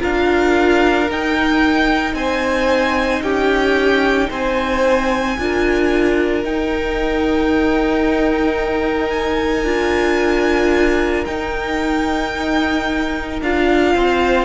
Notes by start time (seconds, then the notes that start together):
0.00 D4 F4 A#4 F5
1.10 D#4 G5
2.15 C4 C5 G#5
3.22 C#4 G4 G5
4.29 C4 C5 G#5
5.38 D4 F4 A#4
6.44 D#4 G5
9.11 G#5
9.64 D4 F4
11.26 D#4 G5
13.42 D4 F4 F5
13.95 C4 C5